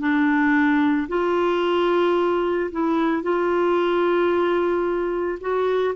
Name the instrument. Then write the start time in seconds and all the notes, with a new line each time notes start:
clarinet
0.00 D4
1.09 F4
2.72 E4
3.23 F4
5.41 F#4